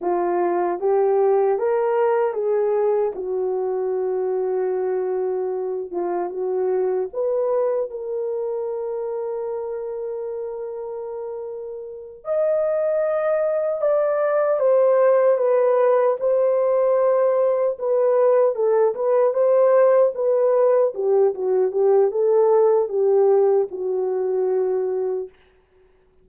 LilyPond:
\new Staff \with { instrumentName = "horn" } { \time 4/4 \tempo 4 = 76 f'4 g'4 ais'4 gis'4 | fis'2.~ fis'8 f'8 | fis'4 b'4 ais'2~ | ais'2.~ ais'8 dis''8~ |
dis''4. d''4 c''4 b'8~ | b'8 c''2 b'4 a'8 | b'8 c''4 b'4 g'8 fis'8 g'8 | a'4 g'4 fis'2 | }